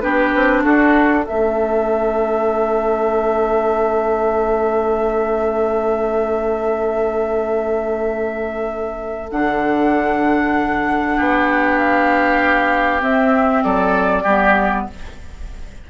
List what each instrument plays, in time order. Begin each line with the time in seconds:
0.00 bassoon B3, clarinet D4, oboe G4, flute B4
0.34 bassoon C4
0.63 bassoon D4, oboe F#4, flute A4
1.24 bassoon A3, clarinet C#4, oboe A4, flute E5
9.31 bassoon D3, clarinet D4, flute F#5
11.16 bassoon B3, oboe G4
11.78 flute F5
13.00 clarinet C4, bassoon C4, flute E5
13.63 bassoon F#3, oboe A4, flute D5
14.22 bassoon G3, clarinet B3, oboe G4